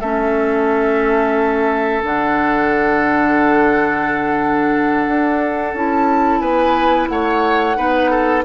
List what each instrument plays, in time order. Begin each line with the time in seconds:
0.00 bassoon A3, clarinet C#4, oboe A4, flute E5
2.03 bassoon D3, clarinet D4, flute F#5
5.07 bassoon D4
5.74 bassoon C#4, clarinet E4, flute A5
6.40 bassoon B3, oboe B4, flute G#5
7.08 bassoon A3, oboe C#5, flute F#5
7.75 bassoon B3, clarinet D#4, oboe B4
8.10 oboe A4